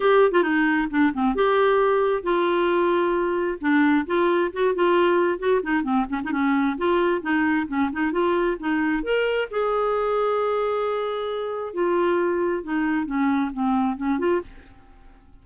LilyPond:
\new Staff \with { instrumentName = "clarinet" } { \time 4/4 \tempo 4 = 133 g'8. f'16 dis'4 d'8 c'8 g'4~ | g'4 f'2. | d'4 f'4 fis'8 f'4. | fis'8 dis'8 c'8 cis'16 dis'16 cis'4 f'4 |
dis'4 cis'8 dis'8 f'4 dis'4 | ais'4 gis'2.~ | gis'2 f'2 | dis'4 cis'4 c'4 cis'8 f'8 | }